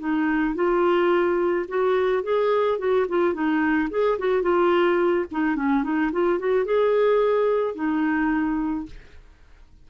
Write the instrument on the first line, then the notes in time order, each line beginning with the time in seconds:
clarinet
0.00 D#4
0.55 F4
1.69 F#4
2.23 G#4
2.79 F#4
3.09 F4
3.34 D#4
3.91 G#4
4.19 F#4
4.42 F4
5.32 D#4
5.56 C#4
5.84 D#4
6.13 F4
6.40 F#4
6.66 G#4
7.75 D#4